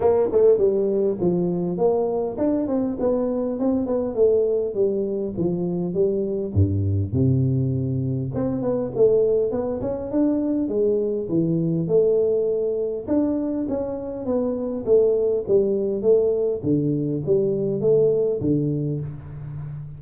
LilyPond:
\new Staff \with { instrumentName = "tuba" } { \time 4/4 \tempo 4 = 101 ais8 a8 g4 f4 ais4 | d'8 c'8 b4 c'8 b8 a4 | g4 f4 g4 g,4 | c2 c'8 b8 a4 |
b8 cis'8 d'4 gis4 e4 | a2 d'4 cis'4 | b4 a4 g4 a4 | d4 g4 a4 d4 | }